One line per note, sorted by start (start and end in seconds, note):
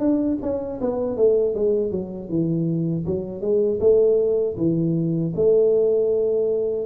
0.00 0.38 D4
0.42 0.80 C#4
0.81 1.17 B3
1.17 1.55 A3
1.55 1.92 G#3
1.92 2.30 F#3
2.30 3.06 E3
3.07 3.42 F#3
3.42 3.80 G#3
3.80 4.56 A3
4.58 5.34 E3
5.36 6.87 A3